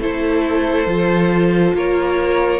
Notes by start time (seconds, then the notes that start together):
0.00 A3 E4 A4 C5
0.86 F3 F4
1.74 A#3 A#4 C#5